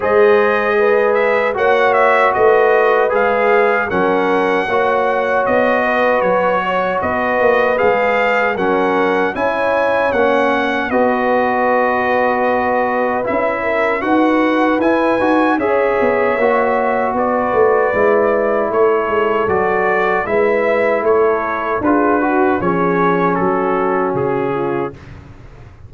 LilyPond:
<<
  \new Staff \with { instrumentName = "trumpet" } { \time 4/4 \tempo 4 = 77 dis''4. e''8 fis''8 e''8 dis''4 | f''4 fis''2 dis''4 | cis''4 dis''4 f''4 fis''4 | gis''4 fis''4 dis''2~ |
dis''4 e''4 fis''4 gis''4 | e''2 d''2 | cis''4 d''4 e''4 cis''4 | b'4 cis''4 a'4 gis'4 | }
  \new Staff \with { instrumentName = "horn" } { \time 4/4 c''4 b'4 cis''4 b'4~ | b'4 ais'4 cis''4. b'8~ | b'8 cis''8 b'2 ais'4 | cis''2 b'2~ |
b'4. ais'8 b'2 | cis''2 b'2 | a'2 b'4 a'4 | gis'8 fis'8 gis'4 fis'4. f'8 | }
  \new Staff \with { instrumentName = "trombone" } { \time 4/4 gis'2 fis'2 | gis'4 cis'4 fis'2~ | fis'2 gis'4 cis'4 | e'4 cis'4 fis'2~ |
fis'4 e'4 fis'4 e'8 fis'8 | gis'4 fis'2 e'4~ | e'4 fis'4 e'2 | f'8 fis'8 cis'2. | }
  \new Staff \with { instrumentName = "tuba" } { \time 4/4 gis2 ais4 a4 | gis4 fis4 ais4 b4 | fis4 b8 ais8 gis4 fis4 | cis'4 ais4 b2~ |
b4 cis'4 dis'4 e'8 dis'8 | cis'8 b8 ais4 b8 a8 gis4 | a8 gis8 fis4 gis4 a4 | d'4 f4 fis4 cis4 | }
>>